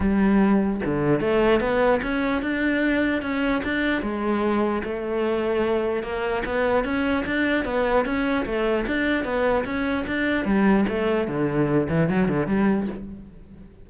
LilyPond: \new Staff \with { instrumentName = "cello" } { \time 4/4 \tempo 4 = 149 g2 d4 a4 | b4 cis'4 d'2 | cis'4 d'4 gis2 | a2. ais4 |
b4 cis'4 d'4 b4 | cis'4 a4 d'4 b4 | cis'4 d'4 g4 a4 | d4. e8 fis8 d8 g4 | }